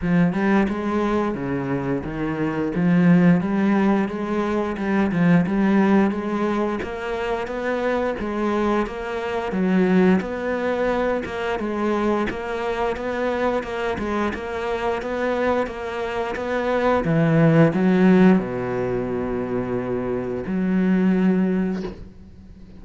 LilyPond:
\new Staff \with { instrumentName = "cello" } { \time 4/4 \tempo 4 = 88 f8 g8 gis4 cis4 dis4 | f4 g4 gis4 g8 f8 | g4 gis4 ais4 b4 | gis4 ais4 fis4 b4~ |
b8 ais8 gis4 ais4 b4 | ais8 gis8 ais4 b4 ais4 | b4 e4 fis4 b,4~ | b,2 fis2 | }